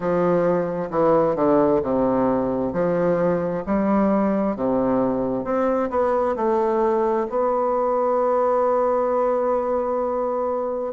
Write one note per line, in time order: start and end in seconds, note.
0.00 0.89 F3
0.90 1.35 E3
1.35 1.81 D3
1.82 2.73 C3
2.73 3.64 F3
3.66 4.56 G3
4.56 5.44 C3
5.44 5.89 C4
5.90 6.35 B3
6.36 7.26 A3
7.29 10.92 B3